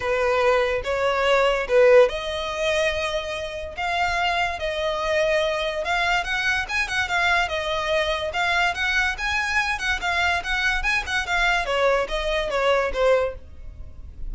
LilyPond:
\new Staff \with { instrumentName = "violin" } { \time 4/4 \tempo 4 = 144 b'2 cis''2 | b'4 dis''2.~ | dis''4 f''2 dis''4~ | dis''2 f''4 fis''4 |
gis''8 fis''8 f''4 dis''2 | f''4 fis''4 gis''4. fis''8 | f''4 fis''4 gis''8 fis''8 f''4 | cis''4 dis''4 cis''4 c''4 | }